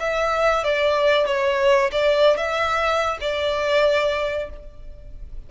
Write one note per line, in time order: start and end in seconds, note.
0.00 0.64 E5
0.64 1.26 D5
1.26 1.91 C#5
1.92 2.37 D5
2.37 3.18 E5
3.21 4.50 D5